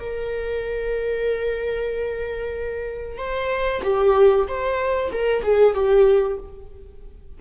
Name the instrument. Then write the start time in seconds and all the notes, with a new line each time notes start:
viola
0.00 A#4
3.18 C5
3.83 G4
4.47 C5
5.12 A#4
5.43 G#4
5.74 G4